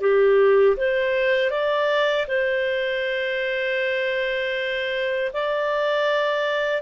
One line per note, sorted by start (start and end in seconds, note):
0.00 0.76 G4
0.76 1.50 C5
1.50 2.26 D5
2.27 5.31 C5
5.33 6.81 D5